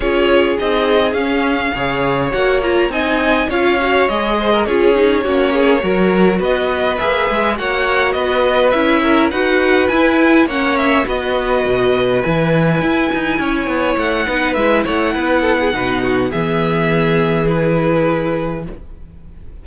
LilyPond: <<
  \new Staff \with { instrumentName = "violin" } { \time 4/4 \tempo 4 = 103 cis''4 dis''4 f''2 | fis''8 ais''8 gis''4 f''4 dis''4 | cis''2. dis''4 | e''4 fis''4 dis''4 e''4 |
fis''4 gis''4 fis''8 e''8 dis''4~ | dis''4 gis''2. | fis''4 e''8 fis''2~ fis''8 | e''2 b'2 | }
  \new Staff \with { instrumentName = "violin" } { \time 4/4 gis'2. cis''4~ | cis''4 dis''4 cis''4. c''16 ais'16 | gis'4 fis'8 gis'8 ais'4 b'4~ | b'4 cis''4 b'4. ais'8 |
b'2 cis''4 b'4~ | b'2. cis''4~ | cis''8 b'4 cis''8 b'8 a'16 gis'16 b'8 fis'8 | gis'1 | }
  \new Staff \with { instrumentName = "viola" } { \time 4/4 f'4 dis'4 cis'4 gis'4 | fis'8 f'8 dis'4 f'8 fis'8 gis'4 | f'8 dis'8 cis'4 fis'2 | gis'4 fis'2 e'4 |
fis'4 e'4 cis'4 fis'4~ | fis'4 e'2.~ | e'8 dis'8 e'2 dis'4 | b2 e'2 | }
  \new Staff \with { instrumentName = "cello" } { \time 4/4 cis'4 c'4 cis'4 cis4 | ais4 c'4 cis'4 gis4 | cis'4 ais4 fis4 b4 | ais8 gis8 ais4 b4 cis'4 |
dis'4 e'4 ais4 b4 | b,4 e4 e'8 dis'8 cis'8 b8 | a8 b8 gis8 a8 b4 b,4 | e1 | }
>>